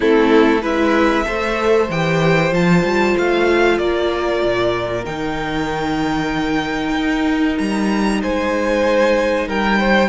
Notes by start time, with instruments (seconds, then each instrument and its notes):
0.00 cello A3, viola C4, violin E4 A4
0.61 cello G#3, viola E4, violin B4 E5
1.25 cello A3, viola A4, violin C5
1.89 cello E3, viola G4, violin G5
2.51 cello F3, viola F4, violin A5
2.83 cello G3
3.17 cello A3, violin F5
3.77 cello A#3, violin A#4 D5
4.43 cello A#2
5.04 cello D#3, viola D#4, violin G5
6.94 cello D#4
7.57 cello G3, violin A#5
8.22 cello G#3, violin C5 G#5
9.47 cello G3, violin A#4 G5
9.79 violin C5